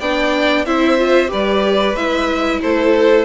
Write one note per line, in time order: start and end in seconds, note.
0.00 0.66 B3
0.00 0.67 D4
0.00 0.65 D5
0.00 0.66 G5
0.66 1.31 C4
0.66 0.98 E4
0.66 1.30 C5
0.66 1.31 E5
0.98 1.28 F4
1.28 1.95 G3
1.28 1.93 G4
1.28 2.61 B4
1.28 1.96 D5
1.95 2.61 G#3
1.95 3.26 E4
1.95 2.61 E5
2.62 3.26 A3
2.62 3.26 A4
2.62 3.26 C5